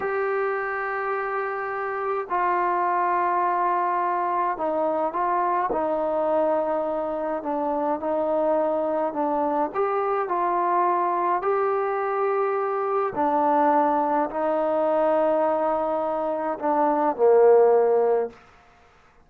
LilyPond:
\new Staff \with { instrumentName = "trombone" } { \time 4/4 \tempo 4 = 105 g'1 | f'1 | dis'4 f'4 dis'2~ | dis'4 d'4 dis'2 |
d'4 g'4 f'2 | g'2. d'4~ | d'4 dis'2.~ | dis'4 d'4 ais2 | }